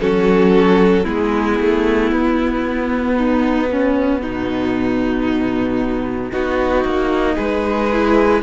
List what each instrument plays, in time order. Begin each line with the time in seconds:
0.00 cello F#3, viola C#4, violin F#4 A4
1.03 cello G#3, viola B3, violin E4 G#4
1.59 cello A3
2.11 cello B3, violin F#4
3.17 violin D#4
3.71 violin C#4
4.21 cello B2, violin D#4
6.32 cello B3, viola D#4, violin F#4
6.84 cello A#3
7.35 cello G#3, violin G#4 B4
7.93 viola E4